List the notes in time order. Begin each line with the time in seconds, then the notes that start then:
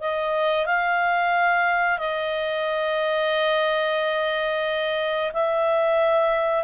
0.00 D#5
0.66 F5
1.98 D#5
5.33 E5